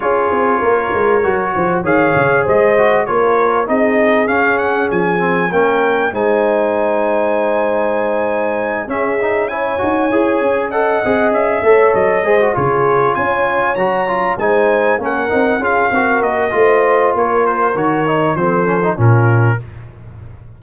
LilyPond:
<<
  \new Staff \with { instrumentName = "trumpet" } { \time 4/4 \tempo 4 = 98 cis''2. f''4 | dis''4 cis''4 dis''4 f''8 fis''8 | gis''4 g''4 gis''2~ | gis''2~ gis''8 e''4 gis''8~ |
gis''4. fis''4 e''4 dis''8~ | dis''8 cis''4 gis''4 ais''4 gis''8~ | gis''8 fis''4 f''4 dis''4. | cis''8 c''8 cis''4 c''4 ais'4 | }
  \new Staff \with { instrumentName = "horn" } { \time 4/4 gis'4 ais'4. c''8 cis''4 | c''4 ais'4 gis'2~ | gis'4 ais'4 c''2~ | c''2~ c''8 gis'4 cis''8~ |
cis''4. dis''4. cis''4 | c''8 gis'4 cis''2 c''8~ | c''8 ais'4 gis'8 ais'4 c''4 | ais'2 a'4 f'4 | }
  \new Staff \with { instrumentName = "trombone" } { \time 4/4 f'2 fis'4 gis'4~ | gis'8 fis'8 f'4 dis'4 cis'4~ | cis'8 c'8 cis'4 dis'2~ | dis'2~ dis'8 cis'8 dis'8 e'8 |
fis'8 gis'4 a'8 gis'4 a'4 | gis'16 fis'16 f'2 fis'8 f'8 dis'8~ | dis'8 cis'8 dis'8 f'8 fis'4 f'4~ | f'4 fis'8 dis'8 c'8 cis'16 dis'16 cis'4 | }
  \new Staff \with { instrumentName = "tuba" } { \time 4/4 cis'8 c'8 ais8 gis8 fis8 f8 dis8 cis8 | gis4 ais4 c'4 cis'4 | f4 ais4 gis2~ | gis2~ gis8 cis'4. |
dis'8 e'8 cis'4 c'8 cis'8 a8 fis8 | gis8 cis4 cis'4 fis4 gis8~ | gis8 ais8 c'8 cis'8 c'8 ais8 a4 | ais4 dis4 f4 ais,4 | }
>>